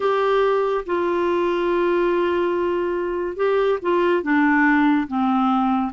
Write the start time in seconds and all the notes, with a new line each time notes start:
0.00 G4
0.86 F4
3.36 G4
3.81 F4
4.22 D4
5.07 C4